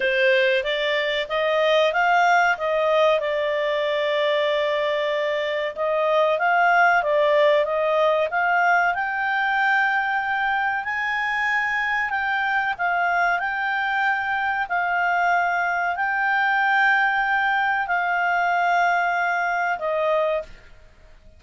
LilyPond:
\new Staff \with { instrumentName = "clarinet" } { \time 4/4 \tempo 4 = 94 c''4 d''4 dis''4 f''4 | dis''4 d''2.~ | d''4 dis''4 f''4 d''4 | dis''4 f''4 g''2~ |
g''4 gis''2 g''4 | f''4 g''2 f''4~ | f''4 g''2. | f''2. dis''4 | }